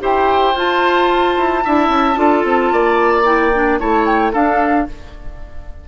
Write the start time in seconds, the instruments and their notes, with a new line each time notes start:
0.00 bassoon E4, clarinet G4, oboe C5, flute G5
0.55 bassoon F4, clarinet F4, flute A5
1.37 bassoon E4
1.65 bassoon D4, clarinet E4, oboe E5
1.88 bassoon C#4
2.15 bassoon D4, clarinet F4, oboe A4
2.44 bassoon C4
2.73 bassoon A#3, oboe D5
3.24 clarinet E4, flute G5
3.54 clarinet D4
3.79 bassoon A3, clarinet E4, oboe C#5, flute A5
4.06 flute G5
4.32 clarinet D4, bassoon D4, oboe A4, flute F5